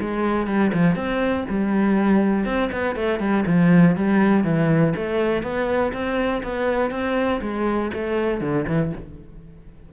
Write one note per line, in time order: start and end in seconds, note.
0.00 0.47 G#3
0.47 0.71 G3
0.73 0.95 F3
0.95 1.45 C4
1.49 2.45 G3
2.45 2.70 C4
2.72 2.95 B3
2.95 3.19 A3
3.19 3.44 G3
3.46 3.96 F3
3.96 4.44 G3
4.44 4.93 E3
4.96 5.43 A3
5.43 5.92 B3
5.92 6.42 C4
6.43 6.91 B3
6.91 7.40 C4
7.41 7.91 G#3
7.93 8.41 A3
8.41 8.66 D3
8.68 8.92 E3